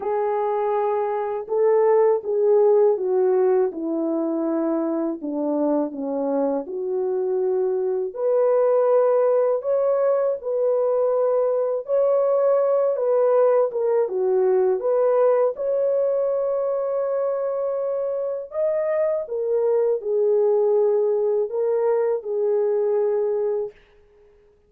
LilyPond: \new Staff \with { instrumentName = "horn" } { \time 4/4 \tempo 4 = 81 gis'2 a'4 gis'4 | fis'4 e'2 d'4 | cis'4 fis'2 b'4~ | b'4 cis''4 b'2 |
cis''4. b'4 ais'8 fis'4 | b'4 cis''2.~ | cis''4 dis''4 ais'4 gis'4~ | gis'4 ais'4 gis'2 | }